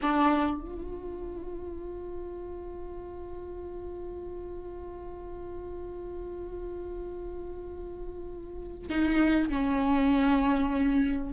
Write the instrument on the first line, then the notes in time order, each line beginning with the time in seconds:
viola
0.02 D4
0.60 F4
8.89 D#4
9.49 C#4